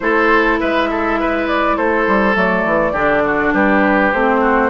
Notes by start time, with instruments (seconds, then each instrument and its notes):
0.00 bassoon A3, clarinet E4, oboe A4, flute C5
0.59 bassoon G#3, oboe B4, flute E5
0.90 oboe A4
1.19 oboe B4
1.47 flute D5
1.76 bassoon A3, oboe A4, flute C5
2.07 bassoon G3
2.34 bassoon F#3, clarinet A3, flute D5
2.65 bassoon E3
2.92 bassoon D3, clarinet D4, oboe G4
3.24 oboe F#4
3.53 bassoon G3, oboe G4, flute B4
4.12 bassoon A3, clarinet C4, flute C5
4.40 oboe F#4